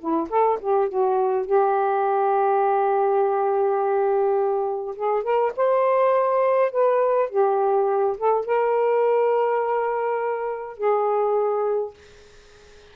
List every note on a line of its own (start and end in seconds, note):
0.00 0.29 E4
0.30 0.59 A4
0.61 0.89 G4
0.89 1.46 F#4
1.46 4.96 G4
4.96 5.24 G#4
5.24 5.53 A#4
5.57 6.72 C5
6.72 7.30 B4
7.30 8.17 G4
8.18 8.46 A4
8.46 10.78 A#4
10.78 11.94 G#4